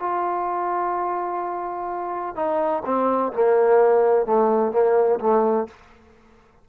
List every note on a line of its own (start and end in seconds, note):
0.00 2.36 F4
2.36 2.83 D#4
2.86 3.33 C4
3.33 4.26 A#3
4.26 4.72 A3
4.72 5.19 A#3
5.20 5.67 A3